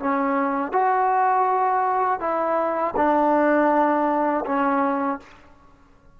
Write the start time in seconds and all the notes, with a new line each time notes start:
0.00 C#4
0.72 F#4
2.21 E4
2.97 D4
4.46 C#4